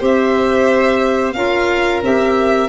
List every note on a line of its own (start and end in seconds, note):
0.00 1.35 C4
0.00 1.36 G4
0.00 1.35 C5
0.00 1.33 E5
1.33 2.02 C#4
1.33 2.03 F4
1.33 2.69 A#4
1.33 2.01 F5
2.03 2.69 C4
2.03 2.69 G4
2.03 2.69 E5